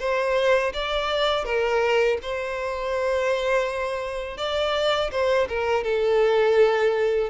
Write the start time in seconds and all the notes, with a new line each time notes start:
0.00 C5
0.74 D5
1.45 A#4
2.23 C5
4.38 D5
5.12 C5
5.49 A#4
5.84 A4